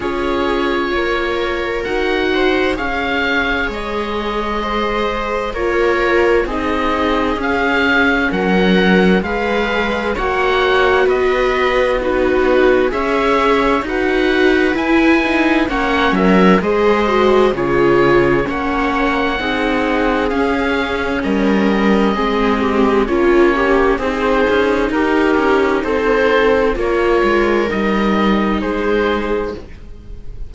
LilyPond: <<
  \new Staff \with { instrumentName = "oboe" } { \time 4/4 \tempo 4 = 65 cis''2 fis''4 f''4 | dis''2 cis''4 dis''4 | f''4 fis''4 f''4 fis''4 | dis''4 b'4 e''4 fis''4 |
gis''4 fis''8 e''8 dis''4 cis''4 | fis''2 f''4 dis''4~ | dis''4 cis''4 c''4 ais'4 | c''4 cis''4 dis''4 c''4 | }
  \new Staff \with { instrumentName = "viola" } { \time 4/4 gis'4 ais'4. c''8 cis''4~ | cis''4 c''4 ais'4 gis'4~ | gis'4 ais'4 b'4 cis''4 | b'4 fis'4 cis''4 b'4~ |
b'4 cis''8 ais'8 c''4 gis'4 | cis''4 gis'2 ais'4 | gis'8 g'8 f'8 g'8 gis'4 g'4 | a'4 ais'2 gis'4 | }
  \new Staff \with { instrumentName = "viola" } { \time 4/4 f'2 fis'4 gis'4~ | gis'2 f'4 dis'4 | cis'2 gis'4 fis'4~ | fis'4 dis'4 gis'4 fis'4 |
e'8 dis'8 cis'4 gis'8 fis'8 f'4 | cis'4 dis'4 cis'2 | c'4 cis'4 dis'2~ | dis'4 f'4 dis'2 | }
  \new Staff \with { instrumentName = "cello" } { \time 4/4 cis'4 ais4 dis'4 cis'4 | gis2 ais4 c'4 | cis'4 fis4 gis4 ais4 | b2 cis'4 dis'4 |
e'4 ais8 fis8 gis4 cis4 | ais4 c'4 cis'4 g4 | gis4 ais4 c'8 cis'8 dis'8 cis'8 | c'4 ais8 gis8 g4 gis4 | }
>>